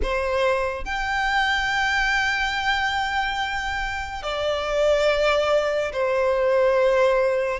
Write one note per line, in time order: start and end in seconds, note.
0.02 0.85 C5
0.85 4.23 G5
4.23 5.92 D5
5.92 7.59 C5